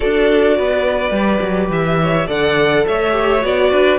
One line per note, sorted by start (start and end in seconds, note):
0.00 0.58 D4
0.00 1.14 F#4
0.00 0.56 A4
0.00 1.69 D5
0.56 1.10 B3
0.56 1.99 B4
1.10 1.39 G3
1.10 2.27 G4
1.41 1.69 F#3
1.69 2.26 E3
1.69 2.29 E5
2.02 2.27 C#5
2.27 2.85 D3
2.27 3.11 A4
2.27 2.84 D5
2.27 2.86 F#5
2.87 3.43 A3
2.87 3.70 C#5
2.87 3.44 E5
3.11 3.40 G4
3.42 3.71 B3
3.42 3.98 F#4
3.42 3.98 D5
3.70 3.98 D4
3.70 3.98 B4